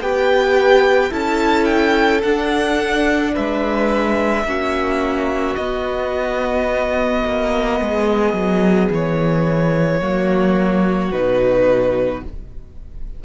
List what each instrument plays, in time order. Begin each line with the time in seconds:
0.00 cello B3, viola G4, violin B4 G5
1.10 cello C#4, viola E4, violin A4 A5
1.65 violin G5
2.22 cello D4, viola D4, violin F#5
3.32 cello G#3, violin B4 E5
4.44 cello A#3, viola C#4, violin F#4
5.55 cello B3, viola B3, violin D#5
7.24 cello A#3
7.79 cello G#3, violin G#4
8.33 cello F#3
8.91 cello E3, violin C#5
10.00 cello F#3, viola A#3, violin F#4
11.11 cello B2, viola D#4, violin B4